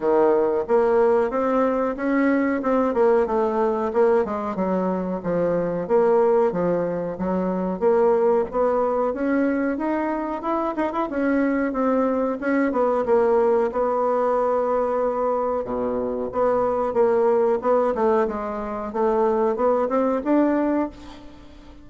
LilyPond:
\new Staff \with { instrumentName = "bassoon" } { \time 4/4 \tempo 4 = 92 dis4 ais4 c'4 cis'4 | c'8 ais8 a4 ais8 gis8 fis4 | f4 ais4 f4 fis4 | ais4 b4 cis'4 dis'4 |
e'8 dis'16 e'16 cis'4 c'4 cis'8 b8 | ais4 b2. | b,4 b4 ais4 b8 a8 | gis4 a4 b8 c'8 d'4 | }